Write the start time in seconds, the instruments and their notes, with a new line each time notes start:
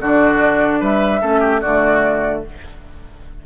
0.00 bassoon D3, clarinet D4, oboe F#4, flute D5
0.80 bassoon G3, oboe B4, flute E5
1.21 bassoon A3, clarinet C#4, oboe A4
1.40 oboe G4
1.61 bassoon D3, clarinet A3, oboe F#4, flute D5